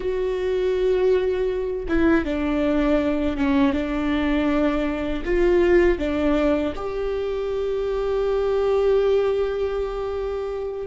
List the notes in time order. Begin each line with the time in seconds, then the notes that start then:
0.00 F#4
1.88 E4
2.25 D4
3.36 C#4
3.73 D4
5.24 F4
5.98 D4
6.75 G4